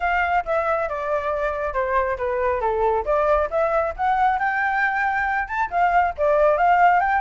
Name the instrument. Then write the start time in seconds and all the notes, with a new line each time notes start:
flute
0.00 F5
0.45 E5
0.89 D5
1.73 C5
2.17 B4
2.60 A4
3.05 D5
3.50 E5
3.96 F#5
4.39 G5
5.48 A5
5.70 F5
6.17 D5
6.57 F5
7.00 G5